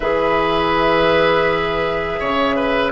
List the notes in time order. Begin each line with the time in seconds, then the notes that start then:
0.00 E3 G#4 B4 E5
2.19 C#3 C#5
2.55 B4